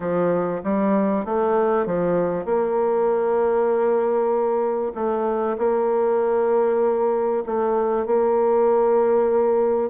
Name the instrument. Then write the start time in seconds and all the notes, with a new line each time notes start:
bassoon
0.00 F3
0.63 G3
1.25 A3
1.86 F3
2.45 A#3
4.95 A3
5.58 A#3
7.45 A3
8.06 A#3